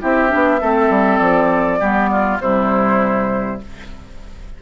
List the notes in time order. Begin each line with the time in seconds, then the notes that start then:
0.00 C4 E4 G4 E5
0.28 B3 D4
0.60 A3 C4 A4
0.89 G3
1.18 F3 D5
1.79 G3 B3 G4
2.11 F4
2.40 C3 G3 E4 C5